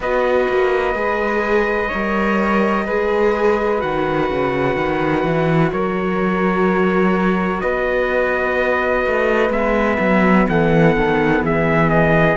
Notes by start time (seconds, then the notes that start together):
0.00 B3 F#4 B4 D#5
0.48 A#3
0.94 G#3 G#4
1.88 G3 A#4 C#5
2.85 G#3 G#4 B4
3.78 D#3 F#4 F#5
4.30 C#3
4.76 D#3
5.23 E3
5.72 F#3 A#4 C#5
7.60 B3 B4 D#5
9.06 A3
9.49 G#3 B3 E5
9.99 F#3
10.48 E3 A4 F#5
10.96 D#3
11.41 E3 G#4 E5
11.89 D#5